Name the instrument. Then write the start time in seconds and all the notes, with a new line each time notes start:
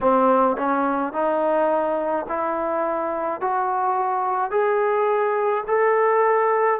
trombone
0.00 C4
0.57 C#4
1.13 D#4
2.28 E4
3.40 F#4
4.50 G#4
5.67 A4